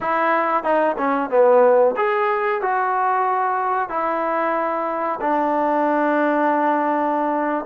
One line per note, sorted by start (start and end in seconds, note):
0.01 0.63 E4
0.63 0.96 D#4
0.97 1.30 C#4
1.30 1.95 B3
1.96 2.61 G#4
2.61 3.89 F#4
3.89 5.19 E4
5.20 7.65 D4